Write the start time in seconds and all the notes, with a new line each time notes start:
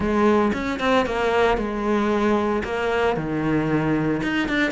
0.00 G#3
0.53 C#4
0.79 C4
1.06 A#3
1.57 G#3
2.64 A#3
3.16 D#3
4.22 D#4
4.48 D4